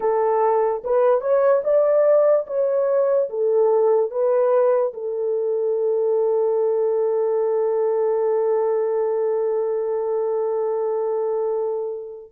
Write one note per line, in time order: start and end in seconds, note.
0.00 0.82 A4
0.84 1.21 B4
1.21 1.62 C#5
1.64 2.46 D5
2.47 3.29 C#5
3.29 4.10 A4
4.10 4.92 B4
4.93 12.32 A4